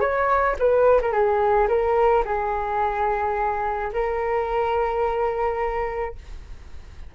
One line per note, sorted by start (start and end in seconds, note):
0.00 0.56 C#5
0.59 1.01 B4
1.01 1.12 A#4
1.12 1.68 G#4
1.68 2.24 A#4
2.25 3.92 G#4
3.93 6.15 A#4